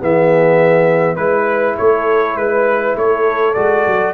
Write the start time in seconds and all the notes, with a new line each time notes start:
0.00 E3 B3 G#4 E5
1.15 G#3 E4 B4
1.77 A3 A4 C#5
2.36 G#3 B4
2.96 A3 A4 C#5
3.54 G#3 F#4 D5
3.87 F#3